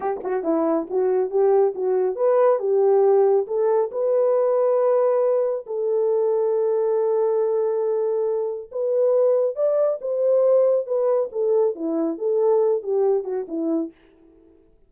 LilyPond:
\new Staff \with { instrumentName = "horn" } { \time 4/4 \tempo 4 = 138 g'8 fis'8 e'4 fis'4 g'4 | fis'4 b'4 g'2 | a'4 b'2.~ | b'4 a'2.~ |
a'1 | b'2 d''4 c''4~ | c''4 b'4 a'4 e'4 | a'4. g'4 fis'8 e'4 | }